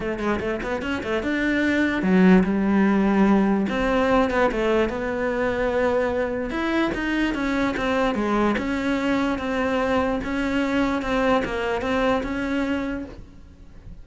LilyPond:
\new Staff \with { instrumentName = "cello" } { \time 4/4 \tempo 4 = 147 a8 gis8 a8 b8 cis'8 a8 d'4~ | d'4 fis4 g2~ | g4 c'4. b8 a4 | b1 |
e'4 dis'4 cis'4 c'4 | gis4 cis'2 c'4~ | c'4 cis'2 c'4 | ais4 c'4 cis'2 | }